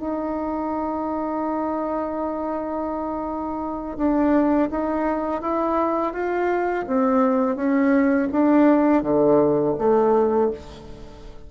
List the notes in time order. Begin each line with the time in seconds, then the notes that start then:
0.00 D#4
3.97 D4
4.71 D#4
5.42 E4
6.13 F4
6.88 C4
7.56 C#4
8.32 D4
9.03 D3
9.79 A3